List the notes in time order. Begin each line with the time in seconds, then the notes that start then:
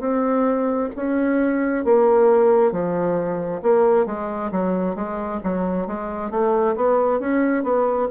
0.00 C4
0.96 C#4
1.85 A#3
2.72 F3
3.62 A#3
4.06 G#3
4.52 F#3
4.95 G#3
5.43 F#3
5.87 G#3
6.31 A3
6.76 B3
7.20 C#4
7.64 B3